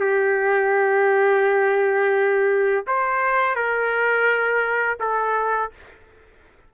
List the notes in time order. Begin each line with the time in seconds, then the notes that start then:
0.00 G4
2.87 C5
3.56 A#4
5.00 A4